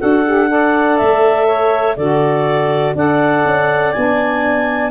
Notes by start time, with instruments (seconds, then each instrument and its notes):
0.00 tuba D4, saxophone F#4, clarinet A4 F#5
0.26 saxophone G4
0.49 saxophone A4, clarinet D5
0.98 tuba A3, clarinet E5
1.47 clarinet C#5
1.97 tuba D3, saxophone F#4, clarinet A4 D5
2.95 tuba D4, saxophone A4, clarinet D5 F#5
3.45 tuba C#4
3.93 tuba B3, saxophone D4, clarinet G#5